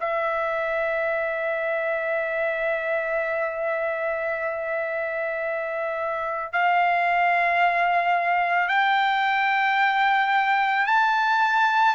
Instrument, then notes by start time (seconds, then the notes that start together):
trumpet
0.00 E5
6.52 F5
8.68 G5
10.86 A5